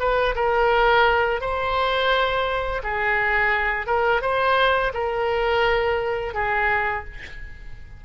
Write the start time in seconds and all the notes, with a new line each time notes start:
0.00 B4
0.36 A#4
1.41 C5
2.83 G#4
3.87 A#4
4.22 C5
4.94 A#4
6.34 G#4